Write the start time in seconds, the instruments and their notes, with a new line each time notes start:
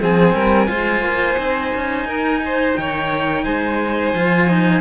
0.00 cello F3 C4, violin G#4, trumpet G#5
0.34 cello G3, violin A#4
0.67 cello G#3 F4, violin C5
1.02 cello A#3
1.37 cello C4 D#4
1.75 cello C#4
2.04 cello D#4, violin A#4
2.45 violin C5
2.76 cello D#3, violin C#5, trumpet G5
3.44 cello G#3, violin C5, trumpet G#5
4.14 cello F3 F4
4.48 cello D#4